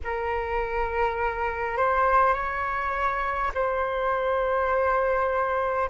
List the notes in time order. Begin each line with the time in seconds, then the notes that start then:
0.04 A#4
1.77 C5
2.33 C#5
3.54 C5